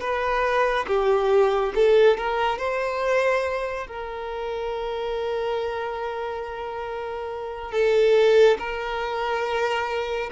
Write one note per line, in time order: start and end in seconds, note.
0.00 0.86 B4
0.87 1.73 G4
1.75 2.17 A4
2.17 2.58 A#4
2.58 3.87 C5
3.87 7.72 A#4
7.72 8.58 A4
8.59 10.30 A#4